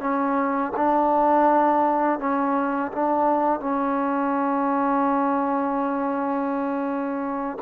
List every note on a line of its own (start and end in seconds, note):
0.00 0.72 C#4
0.76 2.19 D4
2.19 2.91 C#4
2.92 3.60 D4
3.60 7.58 C#4